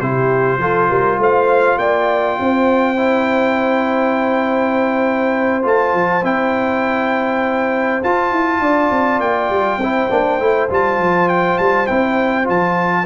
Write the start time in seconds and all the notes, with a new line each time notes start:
0.00 C3 E4 G4 C5
0.59 F3 F4 A4
0.90 G3 A#4
1.18 A3 C5 F5
1.78 A#3 D5 G5
2.40 C4 C5
2.97 E4
5.63 A3 F4 A5
5.94 F3
6.24 C4 E4 G5
8.03 F4 A5
8.32 E4
8.61 D4 D5
8.91 C4
9.20 A#3 G5
9.50 G3
9.78 C4 E4 C5
10.10 A#3 D4
10.40 A3 E4
10.70 G3 F4 A5
10.99 F3
11.29 G5
11.59 G3 A5
11.87 C4 E4 G5
12.45 F3 F4 A5